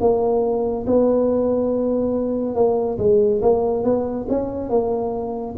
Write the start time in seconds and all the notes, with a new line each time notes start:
0.00 A#3
0.86 B3
2.54 A#3
2.98 G#3
3.42 A#3
3.84 B3
4.29 C#4
4.69 A#3